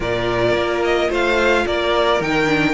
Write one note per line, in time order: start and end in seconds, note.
0.00 0.53 A#2
0.00 2.21 F4
0.00 1.09 A#4
0.00 0.83 D5
0.53 1.08 A#3
0.83 1.11 D#5
1.09 1.65 A3
1.09 1.64 C5
1.09 1.67 F5
1.66 2.20 A#3
1.66 2.73 A#4
1.66 2.22 D5
2.20 2.73 D#3
2.20 2.46 D#4
2.20 2.73 G5
2.46 2.73 D4